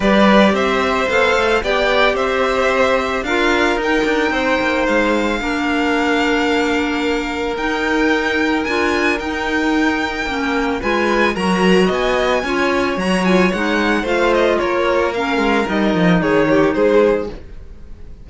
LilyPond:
<<
  \new Staff \with { instrumentName = "violin" } { \time 4/4 \tempo 4 = 111 d''4 e''4 f''4 g''4 | e''2 f''4 g''4~ | g''4 f''2.~ | f''2 g''2 |
gis''4 g''2. | gis''4 ais''4 gis''2 | ais''8 gis''8 fis''4 f''8 dis''8 cis''4 | f''4 dis''4 cis''4 c''4 | }
  \new Staff \with { instrumentName = "violin" } { \time 4/4 b'4 c''2 d''4 | c''2 ais'2 | c''2 ais'2~ | ais'1~ |
ais'1 | b'4 ais'4 dis''4 cis''4~ | cis''2 c''4 ais'4~ | ais'2 gis'8 g'8 gis'4 | }
  \new Staff \with { instrumentName = "clarinet" } { \time 4/4 g'2 a'4 g'4~ | g'2 f'4 dis'4~ | dis'2 d'2~ | d'2 dis'2 |
f'4 dis'2 cis'4 | f'4 fis'2 f'4 | fis'8 f'8 dis'4 f'2 | cis'4 dis'2. | }
  \new Staff \with { instrumentName = "cello" } { \time 4/4 g4 c'4 b8 a8 b4 | c'2 d'4 dis'8 d'8 | c'8 ais8 gis4 ais2~ | ais2 dis'2 |
d'4 dis'2 ais4 | gis4 fis4 b4 cis'4 | fis4 gis4 a4 ais4~ | ais8 gis8 g8 f8 dis4 gis4 | }
>>